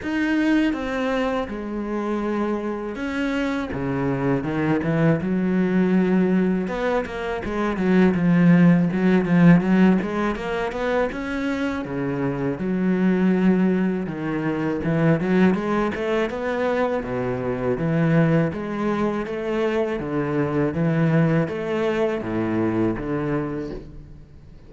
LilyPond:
\new Staff \with { instrumentName = "cello" } { \time 4/4 \tempo 4 = 81 dis'4 c'4 gis2 | cis'4 cis4 dis8 e8 fis4~ | fis4 b8 ais8 gis8 fis8 f4 | fis8 f8 fis8 gis8 ais8 b8 cis'4 |
cis4 fis2 dis4 | e8 fis8 gis8 a8 b4 b,4 | e4 gis4 a4 d4 | e4 a4 a,4 d4 | }